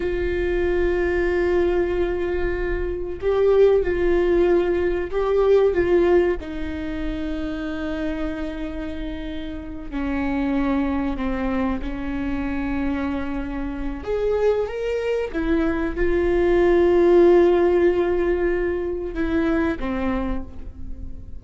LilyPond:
\new Staff \with { instrumentName = "viola" } { \time 4/4 \tempo 4 = 94 f'1~ | f'4 g'4 f'2 | g'4 f'4 dis'2~ | dis'2.~ dis'8 cis'8~ |
cis'4. c'4 cis'4.~ | cis'2 gis'4 ais'4 | e'4 f'2.~ | f'2 e'4 c'4 | }